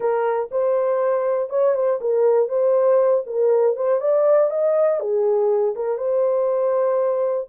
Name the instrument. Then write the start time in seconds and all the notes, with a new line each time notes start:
horn
0.00 A#4
0.51 C5
1.49 C#5
1.74 C5
2.00 A#4
2.49 C5
3.26 A#4
3.76 C5
4.00 D5
4.50 D#5
5.00 G#4
5.75 A#4
5.97 C5